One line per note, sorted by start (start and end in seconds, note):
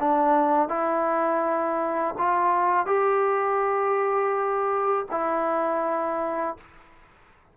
0.00 0.69 D4
0.69 2.15 E4
2.19 2.86 F4
2.86 5.06 G4
5.11 6.58 E4